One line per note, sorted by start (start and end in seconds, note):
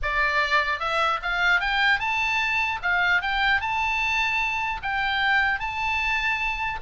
0.02 0.79 D5
0.79 1.19 E5
1.22 1.60 F5
1.60 1.99 G5
1.99 2.79 A5
2.82 3.21 F5
3.21 3.61 G5
3.61 4.81 A5
4.82 5.59 G5
5.59 6.79 A5